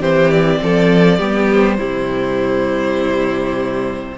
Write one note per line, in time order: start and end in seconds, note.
0.00 0.60 E3
0.00 1.18 C4
0.00 0.59 G4
0.00 0.30 C5
0.30 1.49 D5
0.62 1.19 F3
0.62 1.17 A4
1.17 1.78 G3
1.17 1.78 B3
1.17 1.77 G4
1.52 4.18 C5
1.77 4.18 C3
1.77 4.16 G3
1.77 4.15 E4